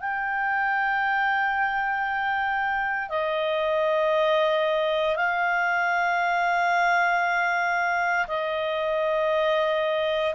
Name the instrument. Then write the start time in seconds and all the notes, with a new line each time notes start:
clarinet
0.00 G5
3.09 D#5
5.16 F5
8.28 D#5